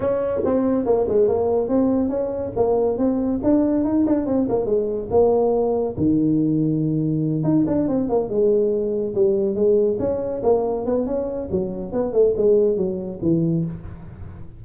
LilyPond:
\new Staff \with { instrumentName = "tuba" } { \time 4/4 \tempo 4 = 141 cis'4 c'4 ais8 gis8 ais4 | c'4 cis'4 ais4 c'4 | d'4 dis'8 d'8 c'8 ais8 gis4 | ais2 dis2~ |
dis4. dis'8 d'8 c'8 ais8 gis8~ | gis4. g4 gis4 cis'8~ | cis'8 ais4 b8 cis'4 fis4 | b8 a8 gis4 fis4 e4 | }